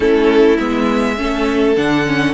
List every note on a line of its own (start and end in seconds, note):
0.00 0.57 A3
0.00 0.57 C#4
0.00 1.15 E4
0.00 0.58 A4
0.57 1.18 G#3
0.57 1.16 B3
0.57 1.75 E5
1.17 1.76 A3
1.17 1.75 C#4
1.17 2.34 A4
1.76 2.34 D3
1.76 2.05 D4
1.76 2.34 F#5
2.05 2.34 C#4